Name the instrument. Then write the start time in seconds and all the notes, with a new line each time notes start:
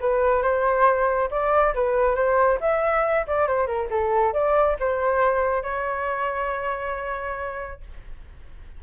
flute
0.00 B4
0.42 C5
1.30 D5
1.74 B4
2.15 C5
2.60 E5
3.27 D5
3.47 C5
3.67 A#4
3.90 A4
4.33 D5
4.79 C5
5.63 C#5